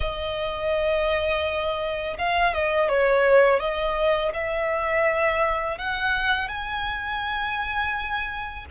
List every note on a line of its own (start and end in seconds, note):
0.00 2.17 D#5
2.18 2.53 F5
2.53 2.88 D#5
2.88 3.59 C#5
3.59 4.32 D#5
4.33 5.78 E5
5.78 6.48 F#5
6.48 8.65 G#5